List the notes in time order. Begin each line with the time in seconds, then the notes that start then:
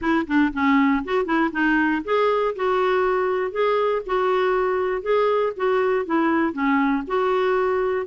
0.01 E4
0.27 D4
0.53 C#4
1.04 F#4
1.25 E4
1.51 D#4
2.04 G#4
2.55 F#4
3.51 G#4
4.06 F#4
5.02 G#4
5.56 F#4
6.05 E4
6.52 C#4
7.07 F#4